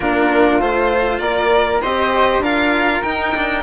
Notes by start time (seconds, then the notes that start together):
0.00 A#3 D4 F4 A#4
0.59 A3 F4 C5
1.19 A#3 A#4 D5
1.81 C4 G4 C5 D#5
2.38 D4 F4 A#4 F5
3.02 D#4 G5
3.35 D4